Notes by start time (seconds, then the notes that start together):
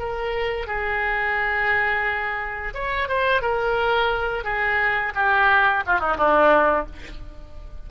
0.00 A#4
0.67 G#4
2.74 C#5
3.09 C5
3.42 A#4
4.45 G#4
5.15 G4
5.87 F4
6.00 D#4
6.18 D4